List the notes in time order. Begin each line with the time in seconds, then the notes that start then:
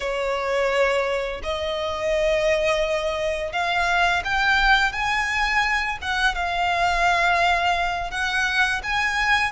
0.00 C#5
1.43 D#5
3.52 F5
4.24 G5
4.92 G#5
6.01 F#5
6.35 F5
8.10 F#5
8.83 G#5